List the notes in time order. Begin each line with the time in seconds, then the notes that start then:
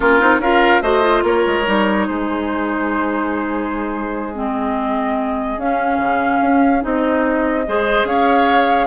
0.00 A#3 C#4 F4 A#4
0.20 C4 D#4
0.39 C#4 F4 A#4 F5
0.82 A3 F#4 C5 D#5
1.02 F4
1.23 A#3 A#4 C#5
1.46 G#3
1.66 G3 D#4
2.07 G#3 G#4 C5
4.34 C4 D#5
5.57 C#4 F5
5.97 C#3
6.41 C#4
6.81 C4 D#4 D#5
7.67 G#3 G#4 C5
8.04 C#4 C#5 F5